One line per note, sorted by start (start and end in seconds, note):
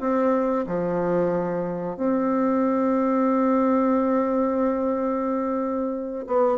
0.00 0.66 C4
0.67 1.97 F3
1.97 6.25 C4
6.27 6.58 B3